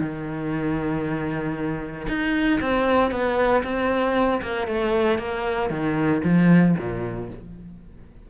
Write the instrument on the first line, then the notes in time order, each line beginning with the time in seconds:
cello
0.00 D#3
2.08 D#4
2.61 C4
3.11 B3
3.63 C4
4.42 A#3
4.67 A3
5.18 A#3
5.70 D#3
6.24 F3
6.78 A#2